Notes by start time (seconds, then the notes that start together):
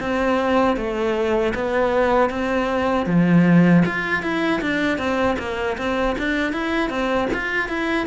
0.00 C4
0.77 A3
1.55 B3
2.30 C4
3.06 F3
3.86 F4
4.23 E4
4.62 D4
4.98 C4
5.38 A#3
5.78 C4
6.18 D4
6.52 E4
6.90 C4
7.34 F4
7.69 E4